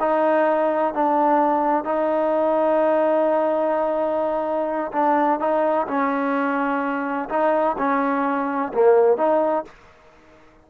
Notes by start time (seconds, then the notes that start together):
0.00 D#4
0.94 D4
1.85 D#4
4.93 D4
5.40 D#4
5.87 C#4
7.29 D#4
7.78 C#4
8.74 A#3
9.18 D#4